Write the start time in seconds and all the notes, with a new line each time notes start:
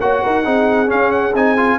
0.00 A#3 F#4 C#5 F#5
0.23 D#4 A#4
0.44 C4 D#4 G#4
0.87 C#4 F5
1.11 F#5
1.34 C4 D#4 G#5
1.57 F4